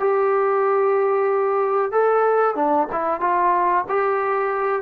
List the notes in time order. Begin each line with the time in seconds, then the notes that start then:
0.00 G4
1.92 A4
2.56 D4
2.93 E4
3.21 F4
3.89 G4